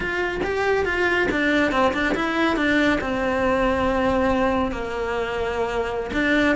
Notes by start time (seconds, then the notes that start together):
0.00 F4
0.43 G4
0.85 F4
1.31 D4
1.71 C4
1.93 D4
2.15 E4
2.56 D4
3.00 C4
4.71 A#3
6.13 D4